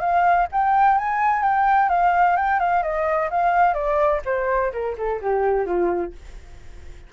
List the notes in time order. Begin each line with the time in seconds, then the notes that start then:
0.00 F5
0.52 G5
0.98 G#5
1.43 G5
1.89 F5
2.36 G5
2.60 F5
2.83 D#5
3.30 F5
3.74 D5
4.25 C5
4.72 A#4
4.98 A4
5.21 G4
5.66 F4